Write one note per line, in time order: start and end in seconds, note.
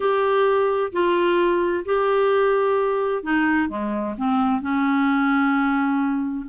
0.00 0.92 G4
0.92 1.84 F4
1.85 3.23 G4
3.23 3.68 D#4
3.68 4.15 G#3
4.17 4.61 C4
4.61 6.45 C#4